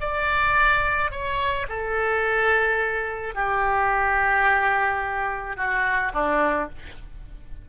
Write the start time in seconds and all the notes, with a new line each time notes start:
0.00 D5
1.11 C#5
1.68 A4
3.35 G4
5.57 F#4
6.13 D4